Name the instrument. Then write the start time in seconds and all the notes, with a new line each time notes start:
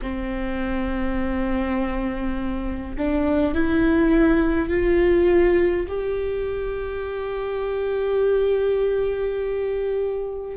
viola
0.02 C4
2.97 D4
3.54 E4
4.68 F4
5.88 G4